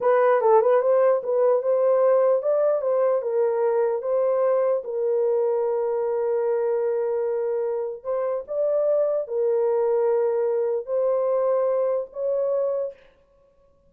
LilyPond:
\new Staff \with { instrumentName = "horn" } { \time 4/4 \tempo 4 = 149 b'4 a'8 b'8 c''4 b'4 | c''2 d''4 c''4 | ais'2 c''2 | ais'1~ |
ais'1 | c''4 d''2 ais'4~ | ais'2. c''4~ | c''2 cis''2 | }